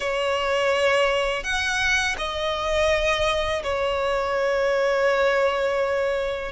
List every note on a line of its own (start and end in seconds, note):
0.00 1.43 C#5
1.43 2.15 F#5
2.18 3.62 D#5
3.63 6.52 C#5